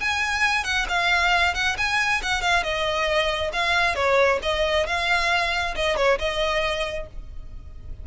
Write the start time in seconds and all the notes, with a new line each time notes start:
0.00 G#5
0.64 F#5
0.89 F5
1.54 F#5
1.77 G#5
2.22 F#5
2.42 F5
2.63 D#5
3.53 F5
3.95 C#5
4.42 D#5
4.86 F5
5.76 D#5
5.96 C#5
6.19 D#5